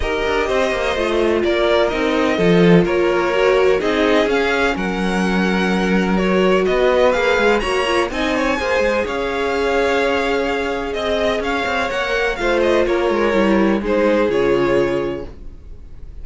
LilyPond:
<<
  \new Staff \with { instrumentName = "violin" } { \time 4/4 \tempo 4 = 126 dis''2. d''4 | dis''2 cis''2 | dis''4 f''4 fis''2~ | fis''4 cis''4 dis''4 f''4 |
ais''4 gis''2 f''4~ | f''2. dis''4 | f''4 fis''4 f''8 dis''8 cis''4~ | cis''4 c''4 cis''2 | }
  \new Staff \with { instrumentName = "violin" } { \time 4/4 ais'4 c''2 ais'4~ | ais'4 a'4 ais'2 | gis'2 ais'2~ | ais'2 b'2 |
cis''4 dis''8 cis''8 c''4 cis''4~ | cis''2. dis''4 | cis''2 c''4 ais'4~ | ais'4 gis'2. | }
  \new Staff \with { instrumentName = "viola" } { \time 4/4 g'2 f'2 | dis'4 f'2 fis'4 | dis'4 cis'2.~ | cis'4 fis'2 gis'4 |
fis'8 f'8 dis'4 gis'2~ | gis'1~ | gis'4 ais'4 f'2 | e'4 dis'4 f'2 | }
  \new Staff \with { instrumentName = "cello" } { \time 4/4 dis'8 d'8 c'8 ais8 a4 ais4 | c'4 f4 ais2 | c'4 cis'4 fis2~ | fis2 b4 ais8 gis8 |
ais4 c'4 ais8 gis8 cis'4~ | cis'2. c'4 | cis'8 c'8 ais4 a4 ais8 gis8 | g4 gis4 cis2 | }
>>